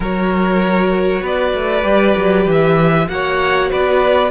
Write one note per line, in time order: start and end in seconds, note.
0.00 1.21 F#3
0.00 1.82 F#4
0.00 1.20 A#4
0.00 1.26 C#5
1.20 1.53 B3
1.20 3.06 B4
1.20 2.49 D5
1.54 1.84 A3
1.82 2.15 G3
1.82 3.06 G4
2.16 2.46 F#3
2.46 3.08 E3
2.46 3.08 E5
3.08 3.71 A#3
3.08 4.31 F#4
3.08 3.69 C#5
3.08 3.70 F#5
3.69 4.31 B3
3.69 4.31 B4
3.69 4.31 D5